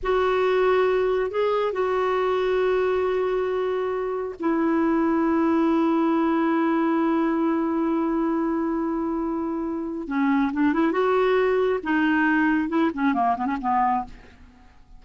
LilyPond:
\new Staff \with { instrumentName = "clarinet" } { \time 4/4 \tempo 4 = 137 fis'2. gis'4 | fis'1~ | fis'2 e'2~ | e'1~ |
e'1~ | e'2. cis'4 | d'8 e'8 fis'2 dis'4~ | dis'4 e'8 cis'8 ais8 b16 cis'16 b4 | }